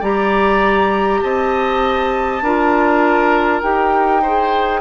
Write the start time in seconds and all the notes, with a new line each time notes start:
0.00 G3 G4 D5 A#5
1.22 C4 D#5 A5
2.42 D4 F4 A#4
3.62 D#4 G4 G5
4.22 G#4 C5